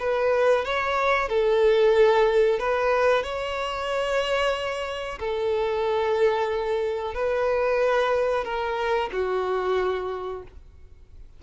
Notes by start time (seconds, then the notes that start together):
0.00 B4
0.65 C#5
1.29 A4
2.59 B4
3.23 C#5
5.20 A4
7.15 B4
8.45 A#4
9.13 F#4